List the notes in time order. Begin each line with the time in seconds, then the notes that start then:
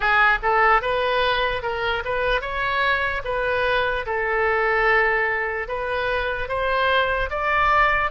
0.00 G#4
0.42 A4
0.81 B4
1.62 A#4
2.04 B4
2.41 C#5
3.24 B4
4.05 A4
5.68 B4
6.48 C5
7.30 D5